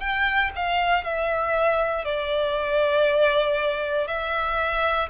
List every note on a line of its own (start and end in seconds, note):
0.00 0.51 G5
0.55 1.04 F5
1.04 2.05 E5
2.05 4.07 D5
4.07 5.09 E5